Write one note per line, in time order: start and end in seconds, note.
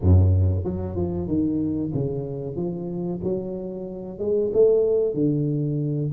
0.00 0.64 F#2
0.64 0.95 F#3
0.95 1.27 F3
1.27 1.92 D#3
1.94 2.56 C#3
2.56 3.20 F3
3.23 4.18 F#3
4.18 4.51 G#3
4.53 5.14 A3
5.14 6.11 D3